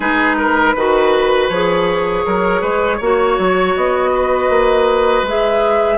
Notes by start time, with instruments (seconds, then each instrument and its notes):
0.00 bassoon G#3, clarinet D#4, oboe G#4, flute B4
0.38 oboe A#4
0.75 bassoon D#3, clarinet F#4, oboe B4
1.49 bassoon F3, clarinet G#4, flute C#5
2.26 bassoon F#3, oboe A#4
2.61 bassoon G#3, oboe B4
2.97 bassoon A#3, clarinet F#4, oboe C#5
3.38 bassoon F#3
3.76 bassoon B3, flute D#5
4.13 oboe B4
4.49 bassoon A#3
5.23 bassoon G#3, clarinet G#4, flute E5